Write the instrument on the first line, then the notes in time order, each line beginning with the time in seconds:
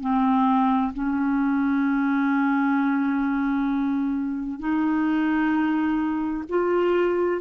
clarinet
0.00 C4
0.93 C#4
4.59 D#4
6.49 F4